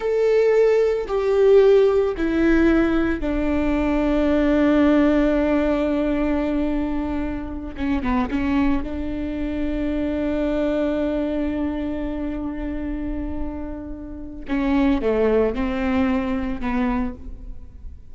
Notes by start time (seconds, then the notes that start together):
0.00 A4
1.07 G4
2.17 E4
3.20 D4
7.77 C#4
8.02 B3
8.30 C#4
8.82 D4
14.47 C#4
15.01 A3
15.55 C4
16.60 B3